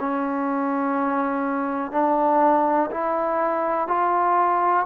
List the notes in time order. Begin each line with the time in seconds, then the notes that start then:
0.00 C#4
1.92 D4
2.91 E4
3.88 F4